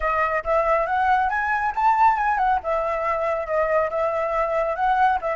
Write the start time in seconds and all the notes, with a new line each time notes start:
0.00 D#5
0.44 E5
0.86 F#5
1.29 G#5
1.75 A5
2.17 G#5
2.38 F#5
2.63 E5
3.46 D#5
3.89 E5
4.75 F#5
5.21 E5